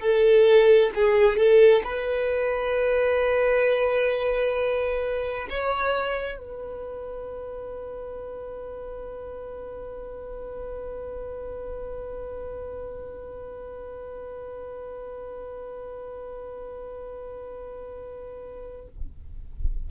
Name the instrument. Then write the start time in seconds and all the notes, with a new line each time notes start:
violin
0.00 A4
0.95 G#4
1.37 A4
1.84 B4
5.50 C#5
6.38 B4